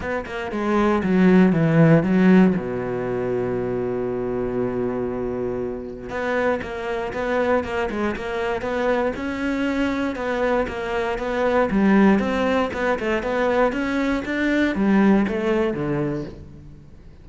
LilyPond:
\new Staff \with { instrumentName = "cello" } { \time 4/4 \tempo 4 = 118 b8 ais8 gis4 fis4 e4 | fis4 b,2.~ | b,1 | b4 ais4 b4 ais8 gis8 |
ais4 b4 cis'2 | b4 ais4 b4 g4 | c'4 b8 a8 b4 cis'4 | d'4 g4 a4 d4 | }